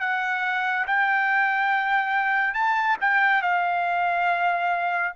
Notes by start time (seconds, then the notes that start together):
0.00 F#5
0.87 G5
2.54 A5
3.01 G5
3.42 F5